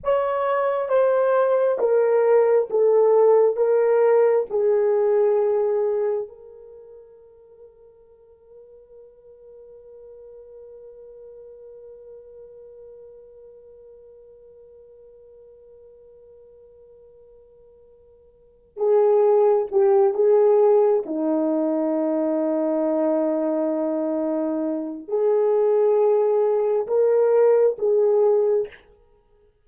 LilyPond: \new Staff \with { instrumentName = "horn" } { \time 4/4 \tempo 4 = 67 cis''4 c''4 ais'4 a'4 | ais'4 gis'2 ais'4~ | ais'1~ | ais'1~ |
ais'1~ | ais'4 gis'4 g'8 gis'4 dis'8~ | dis'1 | gis'2 ais'4 gis'4 | }